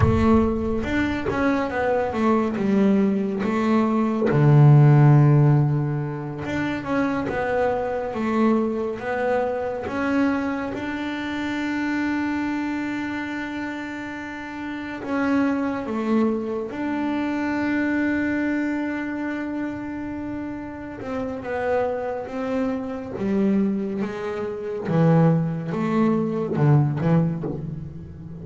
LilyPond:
\new Staff \with { instrumentName = "double bass" } { \time 4/4 \tempo 4 = 70 a4 d'8 cis'8 b8 a8 g4 | a4 d2~ d8 d'8 | cis'8 b4 a4 b4 cis'8~ | cis'8 d'2.~ d'8~ |
d'4. cis'4 a4 d'8~ | d'1~ | d'8 c'8 b4 c'4 g4 | gis4 e4 a4 d8 e8 | }